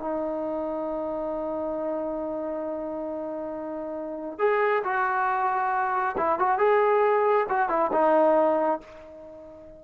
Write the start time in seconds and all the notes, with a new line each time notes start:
0.00 D#4
4.39 G#4
4.84 F#4
6.18 E4
6.40 F#4
6.59 G#4
7.49 F#4
7.69 E4
7.93 D#4